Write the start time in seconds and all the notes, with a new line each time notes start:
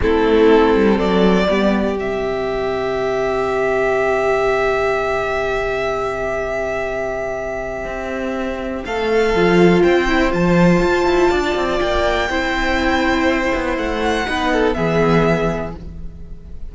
0.01 A3 C4 E4 A4
0.74 G3
0.95 F#3 A4 D5
1.48 G3 B3 G4
1.95 C3 C4 E5
7.85 C4
8.84 A3 A4 F5
9.34 F3 F4
9.82 C4 C5 G5
10.07 E4
10.31 F3 F4 A5
10.82 F4
11.05 E4
11.30 D4 D5
11.55 C4
11.79 A#3 G5
12.29 C4 E4 C5
13.54 B3
13.77 A3 F#5
14.26 B3 D#4 B4
14.52 A4
14.73 E3 B3 G#4 E5